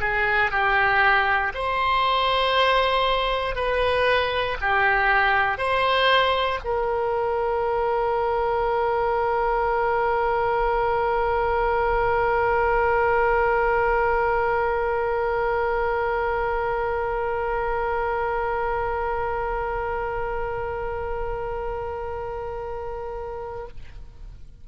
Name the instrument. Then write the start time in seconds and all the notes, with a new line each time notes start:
oboe
0.00 G#4
0.50 G4
1.54 C5
3.55 B4
4.61 G4
5.57 C5
6.64 A#4